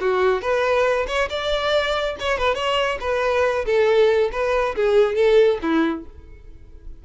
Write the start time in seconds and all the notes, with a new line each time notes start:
0.00 F#4
0.41 B4
1.07 C#5
1.29 D5
2.19 C#5
2.38 B4
2.54 C#5
3.00 B4
3.65 A4
4.31 B4
4.75 G#4
5.15 A4
5.62 E4